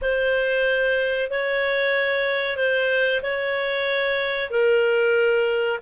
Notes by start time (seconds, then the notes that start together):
0.01 C5
1.30 C#5
2.56 C5
3.22 C#5
4.50 A#4